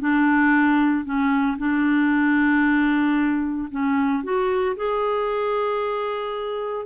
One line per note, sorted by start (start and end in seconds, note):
0.00 1.05 D4
1.05 1.57 C#4
1.58 3.69 D4
3.71 4.24 C#4
4.24 4.76 F#4
4.76 6.86 G#4